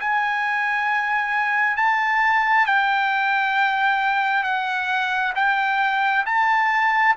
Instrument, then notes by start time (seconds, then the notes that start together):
trumpet
0.00 G#5
1.77 A5
2.67 G5
4.44 F#5
5.36 G5
6.26 A5